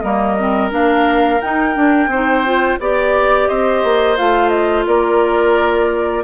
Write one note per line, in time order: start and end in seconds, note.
0.00 0.71 G3
0.00 0.37 A#3
0.00 2.10 A#4
0.00 0.69 D#5
0.38 0.70 C4
0.70 1.40 A#3
0.70 1.39 D4
0.70 1.41 F5
1.41 1.75 D#4
1.41 1.76 D#4
1.41 2.79 G5
1.75 2.09 D4
1.75 2.07 D4
2.07 2.76 C4
2.07 2.79 C5
2.13 2.45 D#4
2.45 2.80 F4
2.79 3.48 B3
2.79 4.17 G4
2.79 3.48 D5
3.48 3.83 C4
3.48 4.86 C5
3.48 4.17 D#5
3.83 4.18 A#3
4.17 4.86 A3
4.17 6.24 F4
4.17 4.49 F5
4.49 4.83 D#5
4.86 6.24 A#3
4.86 6.24 A#4
4.86 6.24 D5